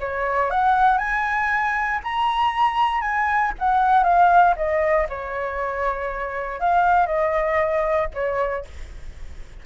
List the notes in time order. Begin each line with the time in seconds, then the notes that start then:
0.00 C#5
0.50 F#5
0.98 G#5
2.03 A#5
3.01 G#5
3.58 F#5
4.03 F5
4.56 D#5
5.09 C#5
6.60 F5
7.06 D#5
8.14 C#5